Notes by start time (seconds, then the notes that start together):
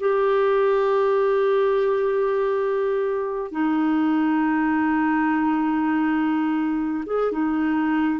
0.00 G4
3.51 D#4
7.06 G#4
7.32 D#4